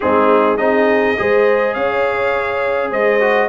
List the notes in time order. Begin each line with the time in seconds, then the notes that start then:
0.00 G#3 C4 D#4 G#4
0.57 C4 D#4 G#4 D#5
1.18 G#3 G#4 C5
1.74 C#4 C#5 F5
2.90 G#3 C5 D#5
3.19 F#4